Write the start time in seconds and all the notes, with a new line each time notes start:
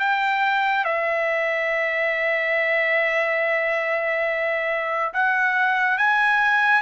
0.00 G5
0.85 E5
5.14 F#5
5.98 G#5